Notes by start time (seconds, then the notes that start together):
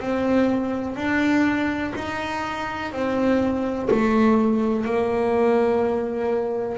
0.00 C4
0.96 D4
1.96 D#4
2.93 C4
3.91 A3
4.85 A#3